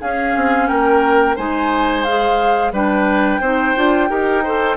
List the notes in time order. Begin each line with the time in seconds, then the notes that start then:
0.00 C#4 G#4 F5
0.35 C4
0.67 A#3 A#4 G5
1.36 G#3 D#4 C5 G#5
2.03 G#4 F5
2.71 G3 D4 B4 G5
3.40 C4 D#4 C5
3.76 D4 F4
4.08 D#4 G4 A#4
4.43 A4 C5